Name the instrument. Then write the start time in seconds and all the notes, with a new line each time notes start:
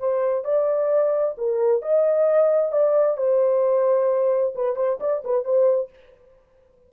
horn
0.00 C5
0.44 D5
1.38 A#4
1.82 D#5
2.72 D5
3.17 C5
4.55 B4
4.76 C5
5.00 D5
5.25 B4
5.44 C5